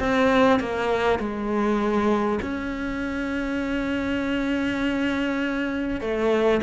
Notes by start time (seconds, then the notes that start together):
0.00 C4
0.59 A#3
1.19 G#3
2.42 C#4
6.01 A3